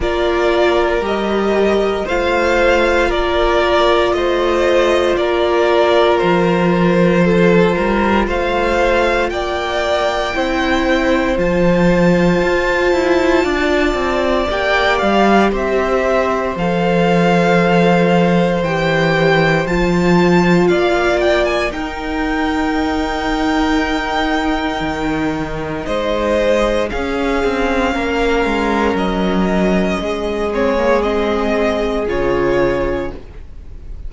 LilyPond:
<<
  \new Staff \with { instrumentName = "violin" } { \time 4/4 \tempo 4 = 58 d''4 dis''4 f''4 d''4 | dis''4 d''4 c''2 | f''4 g''2 a''4~ | a''2 g''8 f''8 e''4 |
f''2 g''4 a''4 | f''8 g''16 gis''16 g''2.~ | g''4 dis''4 f''2 | dis''4. cis''8 dis''4 cis''4 | }
  \new Staff \with { instrumentName = "violin" } { \time 4/4 ais'2 c''4 ais'4 | c''4 ais'2 a'8 ais'8 | c''4 d''4 c''2~ | c''4 d''2 c''4~ |
c''1 | d''4 ais'2.~ | ais'4 c''4 gis'4 ais'4~ | ais'4 gis'2. | }
  \new Staff \with { instrumentName = "viola" } { \time 4/4 f'4 g'4 f'2~ | f'1~ | f'2 e'4 f'4~ | f'2 g'2 |
a'2 g'4 f'4~ | f'4 dis'2.~ | dis'2 cis'2~ | cis'4. c'16 ais16 c'4 f'4 | }
  \new Staff \with { instrumentName = "cello" } { \time 4/4 ais4 g4 a4 ais4 | a4 ais4 f4. g8 | a4 ais4 c'4 f4 | f'8 e'8 d'8 c'8 ais8 g8 c'4 |
f2 e4 f4 | ais4 dis'2. | dis4 gis4 cis'8 c'8 ais8 gis8 | fis4 gis2 cis4 | }
>>